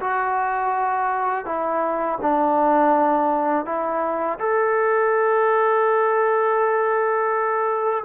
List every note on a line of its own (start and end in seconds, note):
0.00 1.45 F#4
1.45 2.19 E4
2.21 3.66 D4
3.66 4.39 E4
4.39 8.05 A4